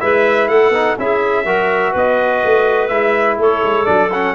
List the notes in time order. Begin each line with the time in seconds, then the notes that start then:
0.00 G#3 E4 B4 E5
0.48 A3 A4 F#5
0.70 B3 D#4
0.98 C#4 E4 G#4 E5
1.44 F#3 F#4 A#4
1.92 B3 B4 D#5
2.45 A3
2.88 G#3 E4 E5
3.38 A3 A4 C#5
3.64 G#3
3.85 F#3 D4 D5
4.13 C#4 F#5